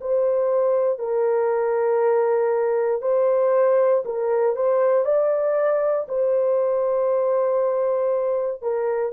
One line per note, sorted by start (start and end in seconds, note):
0.00 0.98 C5
0.98 3.01 A#4
3.01 4.03 C5
4.05 4.56 A#4
4.56 5.04 C5
5.04 6.06 D5
6.08 8.62 C5
8.62 9.12 A#4